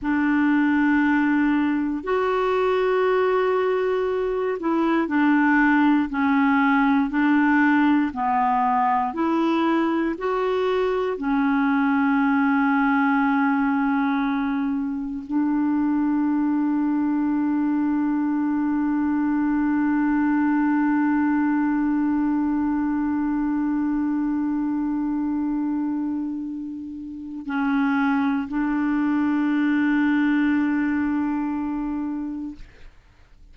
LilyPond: \new Staff \with { instrumentName = "clarinet" } { \time 4/4 \tempo 4 = 59 d'2 fis'2~ | fis'8 e'8 d'4 cis'4 d'4 | b4 e'4 fis'4 cis'4~ | cis'2. d'4~ |
d'1~ | d'1~ | d'2. cis'4 | d'1 | }